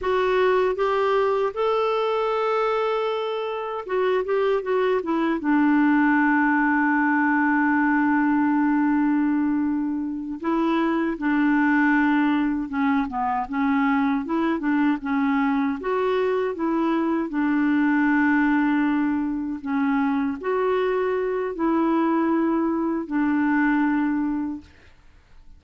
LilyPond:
\new Staff \with { instrumentName = "clarinet" } { \time 4/4 \tempo 4 = 78 fis'4 g'4 a'2~ | a'4 fis'8 g'8 fis'8 e'8 d'4~ | d'1~ | d'4. e'4 d'4.~ |
d'8 cis'8 b8 cis'4 e'8 d'8 cis'8~ | cis'8 fis'4 e'4 d'4.~ | d'4. cis'4 fis'4. | e'2 d'2 | }